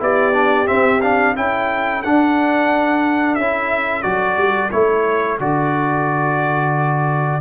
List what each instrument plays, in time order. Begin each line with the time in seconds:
0.00 tuba B3, trombone E4, horn G4, trumpet D5
0.33 trombone D4
0.66 trombone C4, tuba C4, trumpet E5
1.01 trombone D4, trumpet F5
1.36 tuba C#4, trombone E4, horn A4, trumpet G5
2.03 tuba D4, trombone D4, trumpet F#5
3.35 tuba C#4, trumpet E5
3.41 trombone E4
4.03 tuba F#3, trombone F#4, trumpet D5
4.37 tuba G3
4.71 tuba A3, trombone E4, trumpet C#5
5.39 tuba D3, trombone F#4, trumpet D5